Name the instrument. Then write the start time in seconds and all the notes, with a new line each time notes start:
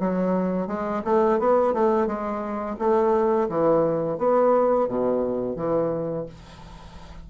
bassoon
0.00 F#3
0.68 G#3
1.05 A3
1.40 B3
1.74 A3
2.07 G#3
2.79 A3
3.49 E3
4.18 B3
4.88 B2
5.57 E3